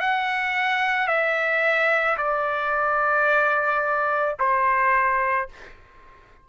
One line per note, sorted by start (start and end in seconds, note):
0.00 1.07 F#5
1.07 2.16 E5
2.17 4.35 D5
4.39 5.48 C5